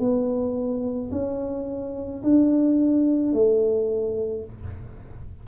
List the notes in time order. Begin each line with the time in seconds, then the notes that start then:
0.00 B3
1.12 C#4
2.23 D4
3.34 A3